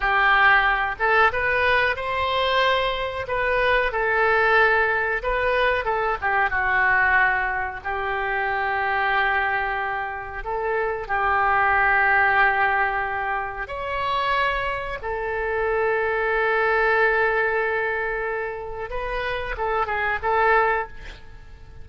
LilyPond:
\new Staff \with { instrumentName = "oboe" } { \time 4/4 \tempo 4 = 92 g'4. a'8 b'4 c''4~ | c''4 b'4 a'2 | b'4 a'8 g'8 fis'2 | g'1 |
a'4 g'2.~ | g'4 cis''2 a'4~ | a'1~ | a'4 b'4 a'8 gis'8 a'4 | }